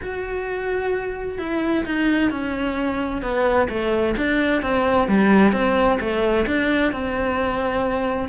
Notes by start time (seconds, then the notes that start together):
0.01 F#4
1.38 E4
1.85 D#4
2.31 C#4
3.22 B3
3.69 A3
4.16 D4
4.62 C4
5.08 G3
5.52 C4
5.99 A3
6.46 D4
6.92 C4